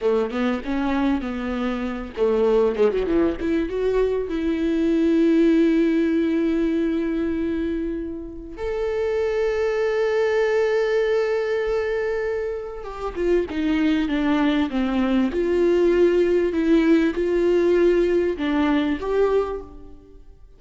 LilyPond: \new Staff \with { instrumentName = "viola" } { \time 4/4 \tempo 4 = 98 a8 b8 cis'4 b4. a8~ | a8 gis16 fis16 e8 e'8 fis'4 e'4~ | e'1~ | e'2 a'2~ |
a'1~ | a'4 g'8 f'8 dis'4 d'4 | c'4 f'2 e'4 | f'2 d'4 g'4 | }